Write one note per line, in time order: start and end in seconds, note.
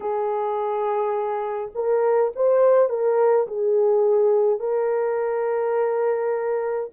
0.00 1.71 G#4
1.74 2.32 A#4
2.35 2.88 C5
2.88 3.46 A#4
3.47 4.59 G#4
4.59 6.90 A#4